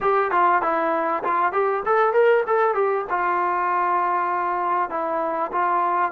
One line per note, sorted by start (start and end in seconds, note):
0.01 0.31 G4
0.31 0.62 F4
0.62 1.23 E4
1.23 1.52 F4
1.52 1.83 G4
1.85 2.13 A4
2.13 2.43 A#4
2.46 2.74 A4
2.74 3.05 G4
3.09 4.90 F4
4.90 5.51 E4
5.52 6.11 F4